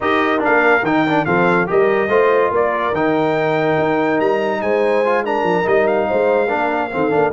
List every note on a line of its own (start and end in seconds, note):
0.00 0.42 D#4
0.00 0.39 G4
0.00 1.26 A#4
0.00 0.42 D#5
0.39 0.81 D4
0.39 0.85 F5
0.46 0.82 A#3
0.82 1.24 D#3
0.82 1.07 D#4
0.82 1.25 G5
1.07 1.26 D4
1.25 1.68 F3
1.25 1.66 C4
1.25 1.68 A4
1.25 1.67 F5
1.66 2.08 G3
1.66 2.08 G4
1.66 2.08 A#4
1.66 2.54 D#5
2.08 2.50 A3
2.08 2.93 F4
2.08 2.50 C5
2.50 2.92 A#3
2.50 4.61 A#4
2.50 2.94 D5
2.92 3.76 D#3
2.92 5.05 D#4
2.92 4.20 G5
3.78 4.20 D#4
4.20 4.61 G3
4.20 4.61 A#5
4.61 5.43 G#3
4.61 5.24 C5
4.61 5.24 G#5
5.05 5.24 F4
5.24 5.63 D4
5.24 6.07 A#4
5.24 5.67 A#5
5.43 5.64 F3
5.63 6.08 G3
5.63 6.47 D#4
5.63 5.87 D#5
5.87 7.32 F5
6.07 6.52 G#3
6.07 6.47 C5
6.47 6.94 A#3
6.47 6.90 D4
6.47 6.89 A#4
6.91 7.14 D#3
6.91 7.10 C4
6.91 7.32 A4
7.10 7.32 A#3
7.10 7.31 D4